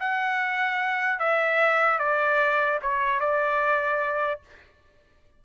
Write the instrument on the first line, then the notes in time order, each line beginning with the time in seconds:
trumpet
0.00 F#5
1.19 E5
1.99 D5
2.82 C#5
3.20 D5